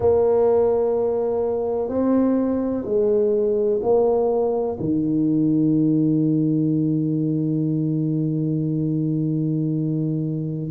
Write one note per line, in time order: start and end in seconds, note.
0.00 1.88 A#3
1.88 2.84 C4
2.85 3.80 G#3
3.82 4.77 A#3
4.79 10.71 D#3